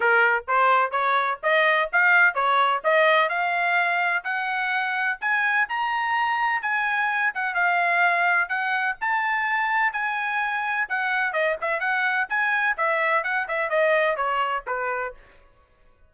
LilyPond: \new Staff \with { instrumentName = "trumpet" } { \time 4/4 \tempo 4 = 127 ais'4 c''4 cis''4 dis''4 | f''4 cis''4 dis''4 f''4~ | f''4 fis''2 gis''4 | ais''2 gis''4. fis''8 |
f''2 fis''4 a''4~ | a''4 gis''2 fis''4 | dis''8 e''8 fis''4 gis''4 e''4 | fis''8 e''8 dis''4 cis''4 b'4 | }